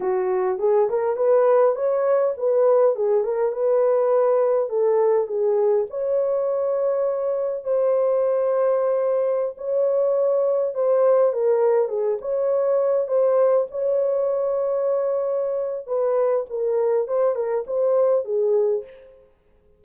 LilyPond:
\new Staff \with { instrumentName = "horn" } { \time 4/4 \tempo 4 = 102 fis'4 gis'8 ais'8 b'4 cis''4 | b'4 gis'8 ais'8 b'2 | a'4 gis'4 cis''2~ | cis''4 c''2.~ |
c''16 cis''2 c''4 ais'8.~ | ais'16 gis'8 cis''4. c''4 cis''8.~ | cis''2. b'4 | ais'4 c''8 ais'8 c''4 gis'4 | }